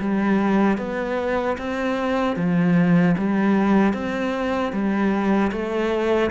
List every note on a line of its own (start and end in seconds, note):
0.00 0.78 G3
0.78 1.57 B3
1.58 2.36 C4
2.36 3.15 F3
3.18 3.94 G3
3.94 4.73 C4
4.73 5.52 G3
5.52 6.31 A3